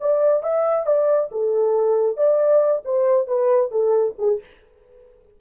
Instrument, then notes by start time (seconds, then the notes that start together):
horn
0.00 D5
0.43 E5
0.86 D5
1.31 A4
2.16 D5
2.84 C5
3.27 B4
3.71 A4
4.18 G#4